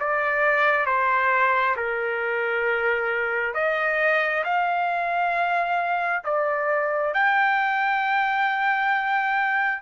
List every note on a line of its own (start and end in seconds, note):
0.00 0.86 D5
0.86 1.76 C5
1.77 3.55 A#4
3.55 4.45 D#5
4.45 6.24 F5
6.25 7.14 D5
7.14 9.83 G5